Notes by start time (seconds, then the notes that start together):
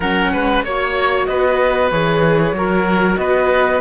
0.00 F#3 C#4 A#4 F#5
0.32 G#3 B4
0.63 A#3 F#4 C#5
1.26 B3 B4 D#5
1.90 E3 G#4 C#5
2.52 F#3 F#4 A#4
3.16 B3 B4 D#5